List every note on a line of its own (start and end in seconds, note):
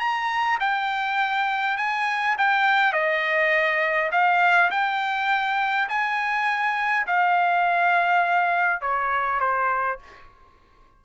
0.00 0.59 A#5
0.60 1.78 G5
1.78 2.36 G#5
2.38 2.93 G5
2.93 4.11 D#5
4.12 4.71 F5
4.71 5.89 G5
5.89 7.07 G#5
7.07 8.82 F5
8.82 9.40 C#5
9.40 9.99 C5